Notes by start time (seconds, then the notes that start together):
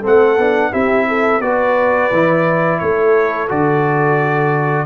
0.00 C4 A4
0.06 A3 F#5
0.37 B3 D4
0.71 C4 E4 G4 E5
1.08 A4
1.40 B3 F#4 B4 D5
2.11 E3 E4
2.79 A3 A4 C#5
3.48 D3 F#4 D5